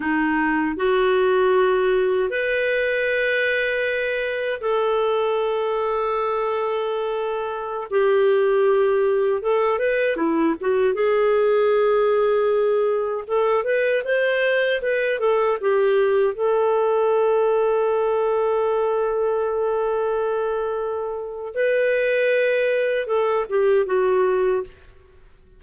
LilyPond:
\new Staff \with { instrumentName = "clarinet" } { \time 4/4 \tempo 4 = 78 dis'4 fis'2 b'4~ | b'2 a'2~ | a'2~ a'16 g'4.~ g'16~ | g'16 a'8 b'8 e'8 fis'8 gis'4.~ gis'16~ |
gis'4~ gis'16 a'8 b'8 c''4 b'8 a'16~ | a'16 g'4 a'2~ a'8.~ | a'1 | b'2 a'8 g'8 fis'4 | }